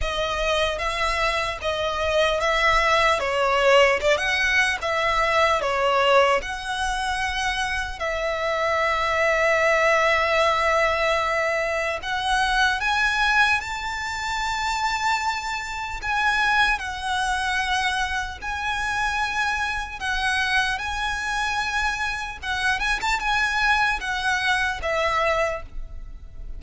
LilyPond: \new Staff \with { instrumentName = "violin" } { \time 4/4 \tempo 4 = 75 dis''4 e''4 dis''4 e''4 | cis''4 d''16 fis''8. e''4 cis''4 | fis''2 e''2~ | e''2. fis''4 |
gis''4 a''2. | gis''4 fis''2 gis''4~ | gis''4 fis''4 gis''2 | fis''8 gis''16 a''16 gis''4 fis''4 e''4 | }